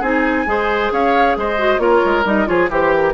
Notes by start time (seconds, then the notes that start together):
0.00 C4 D#4 G#4 G#5
0.46 G#3 G#4 C5
0.92 C#4 C#5 F5
1.37 G#3 C5 D#5
1.58 F#4
1.79 A#3 F4 A#4 C#5
2.05 G#3
2.25 G3 D#4 D#5
2.46 F3 F4 G#4 C#5
2.69 E3 G4 C5
2.95 A#4